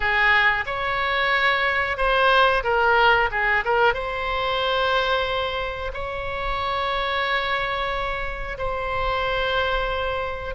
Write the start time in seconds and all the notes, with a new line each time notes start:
0.00 G#4
0.66 C#5
1.97 C5
2.63 A#4
3.31 G#4
3.64 A#4
3.94 C5
5.93 C#5
8.57 C5